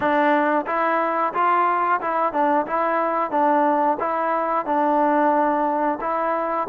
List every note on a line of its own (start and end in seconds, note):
0.00 0.65 D4
0.66 1.33 E4
1.33 2.00 F4
2.01 2.32 E4
2.32 2.65 D4
2.66 3.30 E4
3.30 3.97 D4
3.99 4.65 E4
4.65 5.98 D4
6.01 6.67 E4